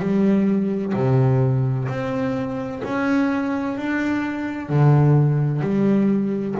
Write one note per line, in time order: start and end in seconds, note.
0.00 0.94 G3
0.94 1.88 C3
1.89 2.83 C4
2.84 3.78 C#4
3.78 4.69 D4
4.69 5.62 D3
5.62 6.55 G3